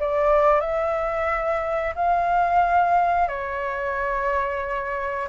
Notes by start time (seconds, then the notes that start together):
0.00 D5
0.61 E5
1.95 F5
3.28 C#5